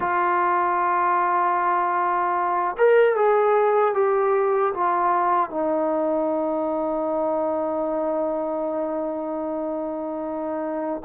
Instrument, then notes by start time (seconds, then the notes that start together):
trombone
0.00 F4
2.77 A#4
3.15 G#4
3.94 G4
4.74 F4
5.49 D#4